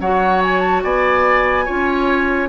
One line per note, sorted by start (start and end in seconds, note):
0.00 0.83 F#3
0.00 1.66 F#4
0.00 0.84 C#5
0.00 0.42 F#5
0.43 0.60 G#5
0.60 0.81 A5
0.83 1.67 B3
0.83 1.65 D5
0.83 2.49 G#5
1.65 2.49 C#4
1.65 2.49 F4
1.65 2.49 C#5